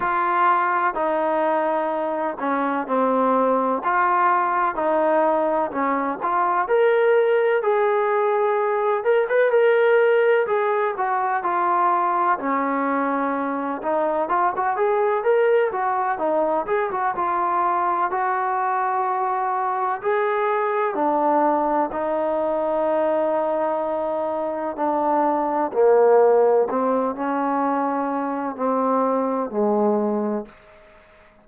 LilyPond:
\new Staff \with { instrumentName = "trombone" } { \time 4/4 \tempo 4 = 63 f'4 dis'4. cis'8 c'4 | f'4 dis'4 cis'8 f'8 ais'4 | gis'4. ais'16 b'16 ais'4 gis'8 fis'8 | f'4 cis'4. dis'8 f'16 fis'16 gis'8 |
ais'8 fis'8 dis'8 gis'16 fis'16 f'4 fis'4~ | fis'4 gis'4 d'4 dis'4~ | dis'2 d'4 ais4 | c'8 cis'4. c'4 gis4 | }